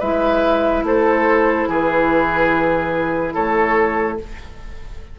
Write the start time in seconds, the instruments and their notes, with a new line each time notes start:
0.00 bassoon G#3, clarinet E4, oboe B4, flute E5
0.84 bassoon A3, oboe A4, flute C5
1.68 bassoon E3, oboe G#4, flute B4
3.34 bassoon A3, oboe A4, flute C#5